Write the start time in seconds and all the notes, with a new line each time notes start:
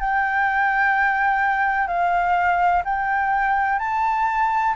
0.00 G5
1.87 F5
2.84 G5
3.79 A5